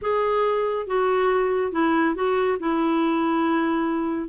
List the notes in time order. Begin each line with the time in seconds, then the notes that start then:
0.01 G#4
0.86 F#4
1.72 E4
2.15 F#4
2.59 E4